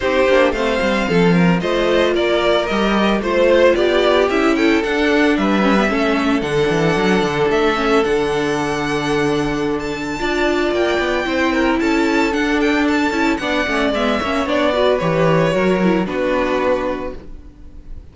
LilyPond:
<<
  \new Staff \with { instrumentName = "violin" } { \time 4/4 \tempo 4 = 112 c''4 f''2 dis''4 | d''4 dis''4 c''4 d''4 | e''8 g''8 fis''4 e''2 | fis''2 e''4 fis''4~ |
fis''2~ fis''16 a''4.~ a''16 | g''2 a''4 fis''8 g''8 | a''4 fis''4 e''4 d''4 | cis''2 b'2 | }
  \new Staff \with { instrumentName = "violin" } { \time 4/4 g'4 c''4 a'8 ais'8 c''4 | ais'2 c''4 g'4~ | g'8 a'4. b'4 a'4~ | a'1~ |
a'2. d''4~ | d''4 c''8 ais'8 a'2~ | a'4 d''4. cis''4 b'8~ | b'4 ais'4 fis'2 | }
  \new Staff \with { instrumentName = "viola" } { \time 4/4 dis'8 d'8 c'2 f'4~ | f'4 g'4 f'2 | e'4 d'4. cis'16 b16 cis'4 | d'2~ d'8 cis'8 d'4~ |
d'2. f'4~ | f'4 e'2 d'4~ | d'8 e'8 d'8 cis'8 b8 cis'8 d'8 fis'8 | g'4 fis'8 e'8 d'2 | }
  \new Staff \with { instrumentName = "cello" } { \time 4/4 c'8 ais8 a8 g8 f4 a4 | ais4 g4 a4 b4 | cis'4 d'4 g4 a4 | d8 e8 fis8 d8 a4 d4~ |
d2. d'4 | ais8 b8 c'4 cis'4 d'4~ | d'8 cis'8 b8 a8 gis8 ais8 b4 | e4 fis4 b2 | }
>>